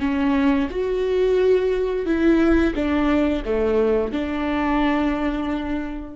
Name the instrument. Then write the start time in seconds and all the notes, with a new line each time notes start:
viola
0.00 C#4
0.70 F#4
2.06 E4
2.75 D4
3.45 A3
4.12 D4